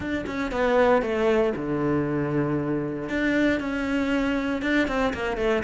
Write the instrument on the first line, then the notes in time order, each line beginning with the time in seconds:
cello
0.00 D4
0.26 C#4
0.51 B3
1.01 A3
1.55 D3
3.09 D4
3.60 C#4
4.62 D4
4.87 C4
5.13 A#3
5.37 A3